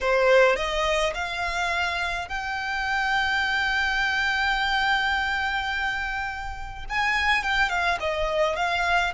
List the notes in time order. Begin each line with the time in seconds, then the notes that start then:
0.01 C5
0.56 D#5
1.14 F5
2.28 G5
6.89 G#5
7.43 G5
7.69 F5
7.99 D#5
8.56 F5